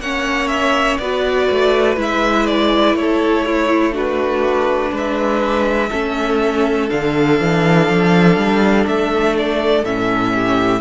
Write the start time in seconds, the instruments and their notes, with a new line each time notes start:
0.00 cello A#3, viola C#4, violin C#5 F#5
0.48 violin E5
0.98 cello B3, viola F#4, violin B4 D5
1.51 cello A3
1.97 cello G#3, viola E4, violin E5
2.46 violin D5
2.94 cello A3, violin C#5
3.01 violin A4
3.46 violin E4
3.92 viola D4, violin F#4 B4
4.92 cello G#3, violin B4 E5
5.90 cello A3, viola C#4, violin A4
6.90 cello D3, viola D4, violin F5
7.40 cello E3
7.89 cello F3
8.37 cello G3
8.87 cello A3, violin E5
9.38 violin D5
9.84 cello A2, viola C#4, violin E5
10.35 violin G4